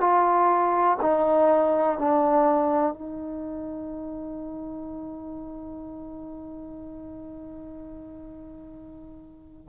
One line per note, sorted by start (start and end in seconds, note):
0.00 0.97 F4
1.01 1.98 D#4
1.98 2.93 D4
2.93 9.69 D#4